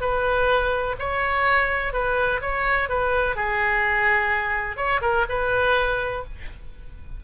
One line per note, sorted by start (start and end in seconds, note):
0.00 0.95 B4
0.99 1.93 C#5
1.93 2.40 B4
2.41 2.89 C#5
2.89 3.35 B4
3.35 4.76 G#4
4.76 5.00 C#5
5.01 5.25 A#4
5.29 6.24 B4